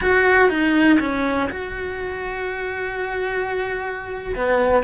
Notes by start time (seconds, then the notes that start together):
0.01 F#4
0.49 D#4
0.99 C#4
1.49 F#4
4.35 B3